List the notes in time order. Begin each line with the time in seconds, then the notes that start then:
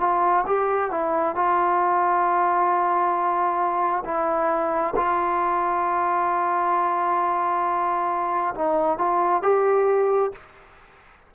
0.00 F4
0.46 G4
0.90 E4
1.35 F4
4.05 E4
4.96 F4
8.54 D#4
8.98 F4
9.42 G4